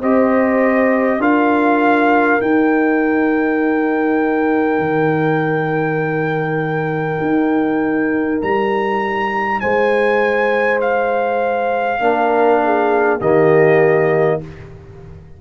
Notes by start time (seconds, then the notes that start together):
0.00 C4 G4 C5 D#5
1.19 D4 F4 A#4 F5
2.41 D#4 G5
4.79 D#3
7.21 D#4
8.42 G3 A#5
9.61 G#3 C5 G#5
10.81 F5
12.00 A#3 D4 A#4
12.65 G#4
13.20 D#3 A#3 G4 D#5